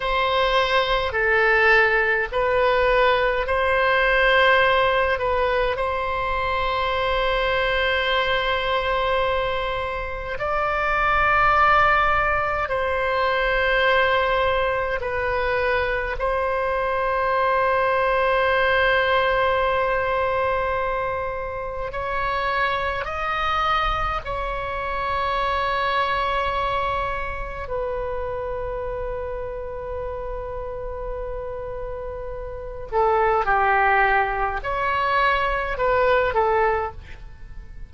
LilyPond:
\new Staff \with { instrumentName = "oboe" } { \time 4/4 \tempo 4 = 52 c''4 a'4 b'4 c''4~ | c''8 b'8 c''2.~ | c''4 d''2 c''4~ | c''4 b'4 c''2~ |
c''2. cis''4 | dis''4 cis''2. | b'1~ | b'8 a'8 g'4 cis''4 b'8 a'8 | }